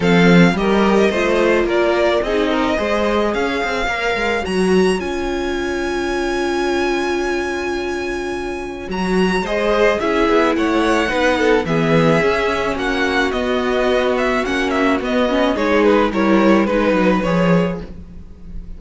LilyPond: <<
  \new Staff \with { instrumentName = "violin" } { \time 4/4 \tempo 4 = 108 f''4 dis''2 d''4 | dis''2 f''2 | ais''4 gis''2.~ | gis''1 |
ais''4 dis''4 e''4 fis''4~ | fis''4 e''2 fis''4 | dis''4. e''8 fis''8 e''8 dis''4 | cis''8 b'8 cis''4 b'4 cis''4 | }
  \new Staff \with { instrumentName = "violin" } { \time 4/4 a'4 ais'4 c''4 ais'4 | gis'8 ais'8 c''4 cis''2~ | cis''1~ | cis''1~ |
cis''4 c''4 gis'4 cis''4 | b'8 a'8 gis'2 fis'4~ | fis'1 | gis'4 ais'4 b'2 | }
  \new Staff \with { instrumentName = "viola" } { \time 4/4 c'4 g'4 f'2 | dis'4 gis'2 ais'4 | fis'4 f'2.~ | f'1 |
fis'4 gis'4 e'2 | dis'4 b4 cis'2 | b2 cis'4 b8 cis'8 | dis'4 e'4 dis'4 gis'4 | }
  \new Staff \with { instrumentName = "cello" } { \time 4/4 f4 g4 a4 ais4 | c'4 gis4 cis'8 c'8 ais8 gis8 | fis4 cis'2.~ | cis'1 |
fis4 gis4 cis'8 b8 a4 | b4 e4 cis'4 ais4 | b2 ais4 b4 | gis4 g4 gis8 fis8 f4 | }
>>